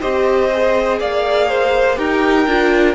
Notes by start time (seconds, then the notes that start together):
0.00 C4 G4 C5 D#5
0.51 G#4
0.99 A#3 D5 F5
1.48 C5
1.96 D#4 G4 A#4 G5
2.46 D4 F4